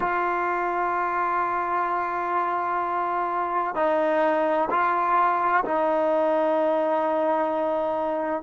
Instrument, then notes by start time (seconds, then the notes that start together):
trombone
0.00 F4
3.75 D#4
4.70 F4
5.64 D#4